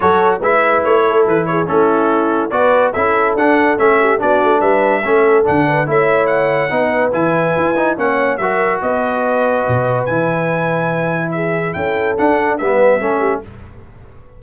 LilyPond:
<<
  \new Staff \with { instrumentName = "trumpet" } { \time 4/4 \tempo 4 = 143 cis''4 e''4 cis''4 b'8 cis''8 | a'2 d''4 e''4 | fis''4 e''4 d''4 e''4~ | e''4 fis''4 e''4 fis''4~ |
fis''4 gis''2 fis''4 | e''4 dis''2. | gis''2. e''4 | g''4 fis''4 e''2 | }
  \new Staff \with { instrumentName = "horn" } { \time 4/4 a'4 b'4. a'4 gis'8 | e'2 b'4 a'4~ | a'4. g'8 fis'4 b'4 | a'4. b'8 cis''2 |
b'2. cis''4 | ais'4 b'2.~ | b'2. gis'4 | a'2 b'4 a'8 g'8 | }
  \new Staff \with { instrumentName = "trombone" } { \time 4/4 fis'4 e'2. | cis'2 fis'4 e'4 | d'4 cis'4 d'2 | cis'4 d'4 e'2 |
dis'4 e'4. dis'8 cis'4 | fis'1 | e'1~ | e'4 d'4 b4 cis'4 | }
  \new Staff \with { instrumentName = "tuba" } { \time 4/4 fis4 gis4 a4 e4 | a2 b4 cis'4 | d'4 a4 b8 a8 g4 | a4 d4 a2 |
b4 e4 e'4 ais4 | fis4 b2 b,4 | e1 | cis'4 d'4 g4 a4 | }
>>